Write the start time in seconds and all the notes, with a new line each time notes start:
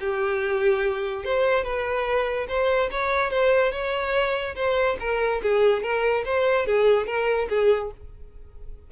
0.00 G4
1.25 C5
1.64 B4
2.48 C5
2.91 C#5
3.30 C5
3.72 C#5
4.55 C5
5.00 A#4
5.42 G#4
5.83 A#4
6.25 C5
6.66 G#4
7.07 A#4
7.49 G#4